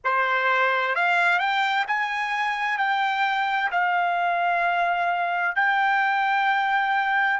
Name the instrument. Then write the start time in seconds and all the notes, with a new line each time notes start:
trumpet
0.04 C5
0.95 F5
1.38 G5
1.87 G#5
2.78 G5
3.71 F5
5.56 G5